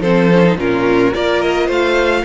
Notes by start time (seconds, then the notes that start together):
0.00 F3 C4 A4 C5
0.33 C#4
0.45 D#4
0.57 A#2 C#4 F4 A#4
1.14 A#3 F4 A#4 D5
1.42 D#5
1.67 A3 C5 F5